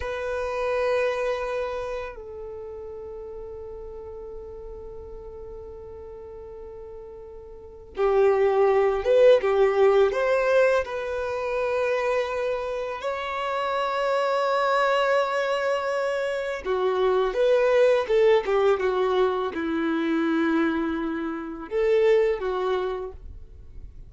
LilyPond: \new Staff \with { instrumentName = "violin" } { \time 4/4 \tempo 4 = 83 b'2. a'4~ | a'1~ | a'2. g'4~ | g'8 b'8 g'4 c''4 b'4~ |
b'2 cis''2~ | cis''2. fis'4 | b'4 a'8 g'8 fis'4 e'4~ | e'2 a'4 fis'4 | }